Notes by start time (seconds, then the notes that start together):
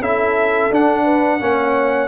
0.00 C#4 E4 A4 E5
0.70 D4 F#5
1.04 B4
1.40 A#3 C#4 C#5